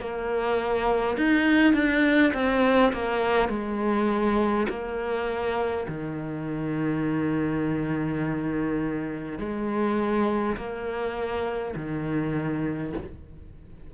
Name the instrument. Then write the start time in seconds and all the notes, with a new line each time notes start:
cello
0.00 A#3
1.18 D#4
1.74 D4
2.34 C4
2.94 A#3
3.49 G#3
4.70 A#3
5.88 D#3
9.40 G#3
10.57 A#3
11.76 D#3